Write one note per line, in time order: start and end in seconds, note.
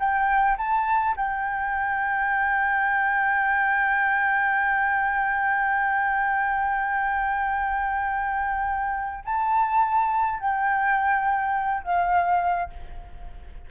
0.00 0.58 G5
0.58 1.15 A5
1.17 9.24 G5
9.25 10.40 A5
10.40 11.84 G5
11.84 12.71 F5